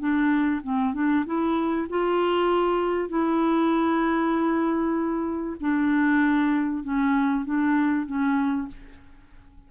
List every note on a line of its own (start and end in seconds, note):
0.00 0.62 D4
0.63 0.94 C4
0.94 1.25 D4
1.26 1.88 E4
1.90 3.09 F4
3.09 5.57 E4
5.60 6.84 D4
6.84 7.45 C#4
7.45 8.06 D4
8.06 8.68 C#4